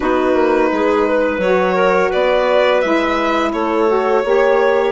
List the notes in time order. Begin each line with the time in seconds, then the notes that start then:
0.00 B3 D#4 F#4 B4
0.33 A#3
0.72 G#3 G#4
1.07 B4
1.38 F#3 F#4 C#5
1.74 A#4
2.09 B3 B4 D5
2.81 G#3 E4 E5
3.52 A3 A4 C#5
3.88 F#4
4.24 A#3 G4 C#5